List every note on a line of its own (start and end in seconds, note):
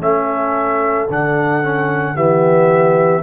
0.00 1.07 A3
0.00 1.08 C#4
0.00 2.15 A4
0.00 1.09 E5
1.10 2.16 D3
1.10 1.63 D4
1.10 2.17 F#5
1.63 2.16 C#4
2.15 3.23 E3
2.15 3.23 B3
2.15 3.22 G4
2.15 3.23 E5